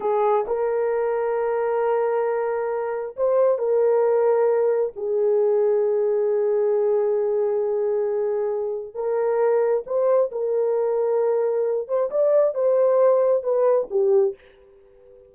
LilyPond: \new Staff \with { instrumentName = "horn" } { \time 4/4 \tempo 4 = 134 gis'4 ais'2.~ | ais'2. c''4 | ais'2. gis'4~ | gis'1~ |
gis'1 | ais'2 c''4 ais'4~ | ais'2~ ais'8 c''8 d''4 | c''2 b'4 g'4 | }